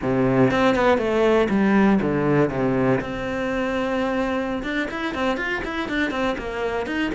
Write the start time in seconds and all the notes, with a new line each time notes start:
0.02 C3
0.50 C4
0.75 B3
0.98 A3
1.49 G3
2.01 D3
2.49 C3
3.00 C4
4.63 D4
4.90 E4
5.14 C4
5.37 F4
5.64 E4
5.88 D4
6.10 C4
6.38 A#3
6.86 D#4